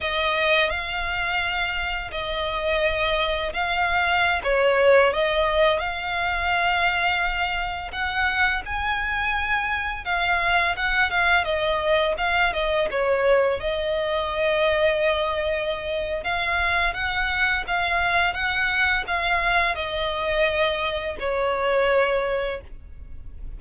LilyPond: \new Staff \with { instrumentName = "violin" } { \time 4/4 \tempo 4 = 85 dis''4 f''2 dis''4~ | dis''4 f''4~ f''16 cis''4 dis''8.~ | dis''16 f''2. fis''8.~ | fis''16 gis''2 f''4 fis''8 f''16~ |
f''16 dis''4 f''8 dis''8 cis''4 dis''8.~ | dis''2. f''4 | fis''4 f''4 fis''4 f''4 | dis''2 cis''2 | }